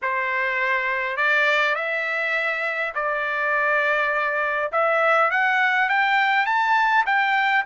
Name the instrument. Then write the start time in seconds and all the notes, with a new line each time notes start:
trumpet
0.02 C5
1.17 D5
1.75 E5
2.94 D5
4.71 E5
5.30 F#5
5.89 G5
6.45 A5
7.06 G5